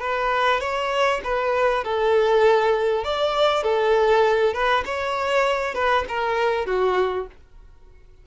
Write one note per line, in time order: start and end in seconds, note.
0.00 0.60 B4
0.60 1.21 C#5
1.24 1.84 B4
1.84 3.04 A4
3.04 3.63 D5
3.63 4.53 A4
4.53 4.83 B4
4.85 5.74 C#5
5.74 6.04 B4
6.08 6.66 A#4
6.66 7.26 F#4